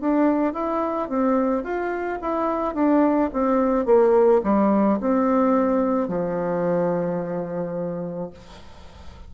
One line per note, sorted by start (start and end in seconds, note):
0.00 0.53 D4
0.53 1.09 E4
1.09 1.63 C4
1.63 2.19 F4
2.21 2.74 E4
2.74 3.30 D4
3.33 3.85 C4
3.85 4.41 A#3
4.43 4.99 G3
5.00 6.08 C4
6.08 8.30 F3